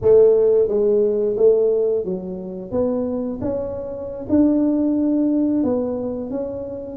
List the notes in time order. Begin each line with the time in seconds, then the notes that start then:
0.01 A3
0.68 G#3
1.36 A3
2.05 F#3
2.71 B3
3.41 C#4
4.29 D4
5.63 B3
6.30 C#4